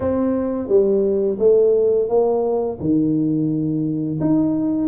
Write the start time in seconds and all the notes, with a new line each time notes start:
0.00 C4
0.68 G3
1.39 A3
2.08 A#3
2.79 D#3
4.20 D#4